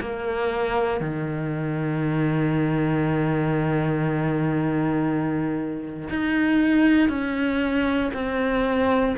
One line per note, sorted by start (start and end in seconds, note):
0.00 1.00 A#3
1.00 6.08 D#3
6.09 7.09 D#4
7.09 8.10 C#4
8.13 9.15 C4